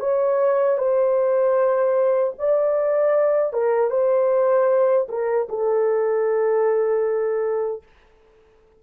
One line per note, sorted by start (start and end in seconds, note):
0.00 0.78 C#5
0.78 2.34 C5
2.39 3.53 D5
3.53 3.91 A#4
3.91 5.08 C5
5.09 5.48 A#4
5.49 7.83 A4